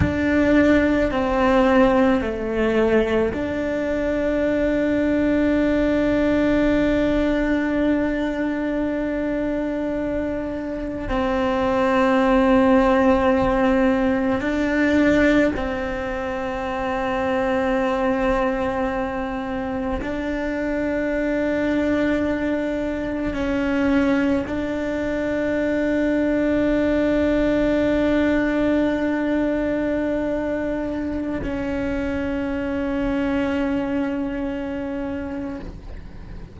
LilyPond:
\new Staff \with { instrumentName = "cello" } { \time 4/4 \tempo 4 = 54 d'4 c'4 a4 d'4~ | d'1~ | d'2 c'2~ | c'4 d'4 c'2~ |
c'2 d'2~ | d'4 cis'4 d'2~ | d'1~ | d'16 cis'2.~ cis'8. | }